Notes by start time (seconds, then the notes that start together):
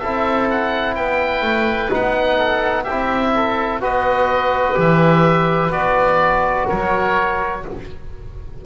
0.00 C4 E4 A4 E5
0.51 F#5
0.95 B3 B4 G5
1.42 A3
1.90 B3 D#4 F#5
2.38 A4
2.84 C4 G4 E5
2.91 E4
3.35 A4
3.81 B3 F#4 B4 D#5
4.75 E3 G4 E5
5.70 B3 F#4 D5
6.68 F#3 A#4 C#5